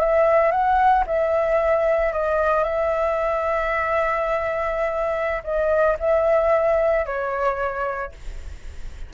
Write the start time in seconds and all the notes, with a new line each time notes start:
0.00 E5
0.51 F#5
1.07 E5
2.13 D#5
2.64 E5
5.44 D#5
6.00 E5
7.05 C#5